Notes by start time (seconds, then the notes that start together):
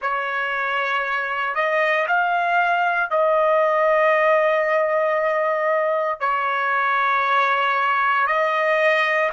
0.01 C#5
1.54 D#5
2.07 F5
3.10 D#5
6.20 C#5
8.26 D#5